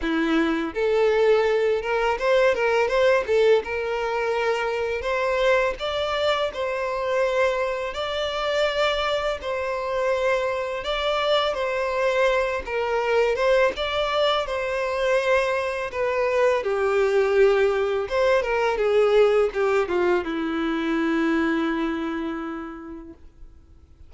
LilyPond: \new Staff \with { instrumentName = "violin" } { \time 4/4 \tempo 4 = 83 e'4 a'4. ais'8 c''8 ais'8 | c''8 a'8 ais'2 c''4 | d''4 c''2 d''4~ | d''4 c''2 d''4 |
c''4. ais'4 c''8 d''4 | c''2 b'4 g'4~ | g'4 c''8 ais'8 gis'4 g'8 f'8 | e'1 | }